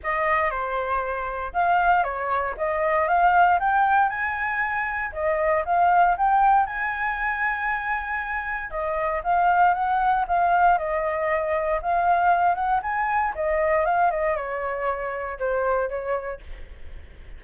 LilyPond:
\new Staff \with { instrumentName = "flute" } { \time 4/4 \tempo 4 = 117 dis''4 c''2 f''4 | cis''4 dis''4 f''4 g''4 | gis''2 dis''4 f''4 | g''4 gis''2.~ |
gis''4 dis''4 f''4 fis''4 | f''4 dis''2 f''4~ | f''8 fis''8 gis''4 dis''4 f''8 dis''8 | cis''2 c''4 cis''4 | }